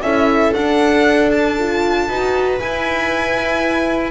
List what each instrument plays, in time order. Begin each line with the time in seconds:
0.00 double bass C#4, horn E4, viola A4, violin E5
0.53 horn D4, double bass D4, violin F#5
1.31 violin A5
1.59 horn F4
2.08 double bass D#4, horn F#4, viola B4
2.59 horn E4, double bass E4, violin G#5